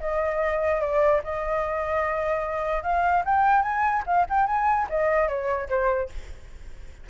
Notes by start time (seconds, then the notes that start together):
0.00 D#5
0.81 D5
1.24 D#5
2.83 F5
3.25 G5
3.62 G#5
4.06 F5
4.29 G5
4.47 G#5
4.89 D#5
5.28 C#5
5.69 C5